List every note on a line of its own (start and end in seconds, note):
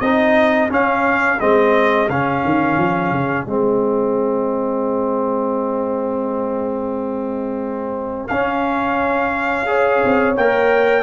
0.00 0.69 C4
0.00 0.70 D#4
0.00 9.66 G#4
0.00 0.69 D#5
0.70 1.39 C#4
0.70 1.40 F5
1.40 2.09 G#3
1.40 2.09 C4
1.40 2.09 D#5
2.09 2.43 C#3
2.09 3.47 C#4
2.09 3.46 F5
2.45 2.77 D#3
2.77 3.12 F3
3.12 3.46 C#3
3.46 8.29 G#3
3.46 8.30 C4
3.46 8.28 D#5
8.28 10.03 C#4
8.28 9.66 C#4
8.28 10.34 F5
9.66 10.35 G#4
9.66 11.03 C#5
10.04 10.37 C4
10.37 11.03 A#3
10.37 11.03 A#4
10.37 11.03 G5